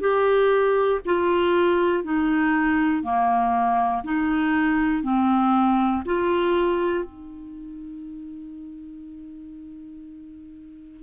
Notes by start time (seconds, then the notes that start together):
0.00 G4
1.05 F4
2.03 D#4
3.03 A#3
4.04 D#4
5.03 C4
6.05 F4
7.05 D#4